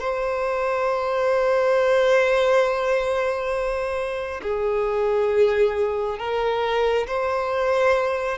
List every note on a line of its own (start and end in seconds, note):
0.00 4.41 C5
4.42 6.19 G#4
6.19 7.07 A#4
7.07 8.38 C5